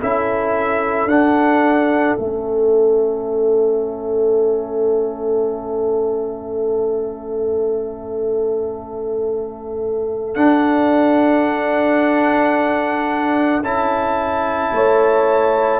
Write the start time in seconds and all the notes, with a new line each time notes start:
0.00 C#4 E4 A4 E5
1.05 D4 F#5
2.17 A3 C#4 E5
10.35 D4 F#5
13.62 C#4 E4 A5
14.72 A3 C#5